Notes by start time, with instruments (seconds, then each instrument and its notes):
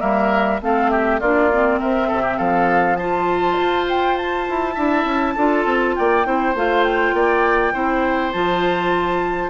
0.00 bassoon G3, clarinet A#3, oboe A#4, flute E5
0.62 bassoon A3, clarinet C4, oboe A4, flute F5
0.90 oboe G4, flute E5
1.20 bassoon A#3, clarinet D4, oboe F4, flute D5
1.52 clarinet C4
1.79 bassoon C4, oboe A#4, flute E5
2.08 bassoon C3, oboe A4
2.22 oboe G4
2.38 bassoon F3, oboe A4, flute F5
2.97 clarinet F4, oboe C5, flute A5
3.59 bassoon F4
3.89 flute G5
4.18 flute A5
4.49 bassoon E4
4.75 bassoon D4, clarinet E4, oboe E5
5.05 bassoon C#4
5.36 bassoon D4, clarinet F4, oboe A4
5.66 bassoon C4
5.96 bassoon A#3, oboe D5, flute G5
6.25 bassoon C4, clarinet E4, oboe C5
6.55 bassoon A3, clarinet F4, flute F5
6.84 flute G5
7.13 bassoon A#3, oboe D5
7.74 bassoon C4, clarinet E4, oboe C5
8.32 bassoon F3, clarinet F4, flute A5